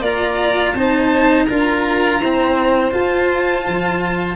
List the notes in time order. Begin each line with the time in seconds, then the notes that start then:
0.00 A#3 F4 D5 A#5
0.74 C4 D#4 C5 A5
1.45 D4 F4 A#4 A#5
2.19 C4 E4 C5
2.91 F4 A5
3.67 F3